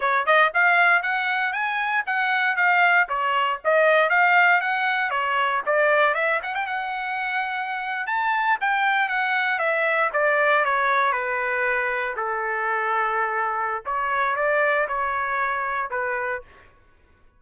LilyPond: \new Staff \with { instrumentName = "trumpet" } { \time 4/4 \tempo 4 = 117 cis''8 dis''8 f''4 fis''4 gis''4 | fis''4 f''4 cis''4 dis''4 | f''4 fis''4 cis''4 d''4 | e''8 fis''16 g''16 fis''2~ fis''8. a''16~ |
a''8. g''4 fis''4 e''4 d''16~ | d''8. cis''4 b'2 a'16~ | a'2. cis''4 | d''4 cis''2 b'4 | }